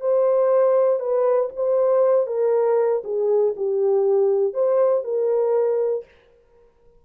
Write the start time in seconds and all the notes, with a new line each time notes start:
0.00 C5
0.99 B4
1.56 C5
2.26 A#4
3.04 G#4
3.56 G4
4.53 C5
5.04 A#4